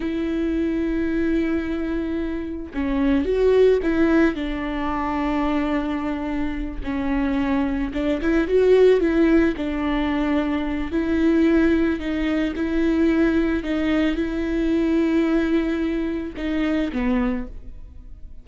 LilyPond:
\new Staff \with { instrumentName = "viola" } { \time 4/4 \tempo 4 = 110 e'1~ | e'4 cis'4 fis'4 e'4 | d'1~ | d'8 cis'2 d'8 e'8 fis'8~ |
fis'8 e'4 d'2~ d'8 | e'2 dis'4 e'4~ | e'4 dis'4 e'2~ | e'2 dis'4 b4 | }